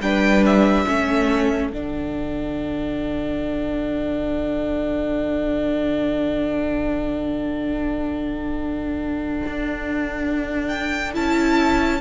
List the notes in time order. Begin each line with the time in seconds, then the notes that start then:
0.00 G3 D4 B4 G5
0.46 E5
0.86 A3 C#4 A4
1.71 D3 D4 F#5
9.47 D4
10.69 G5
11.14 C#4 E4 A5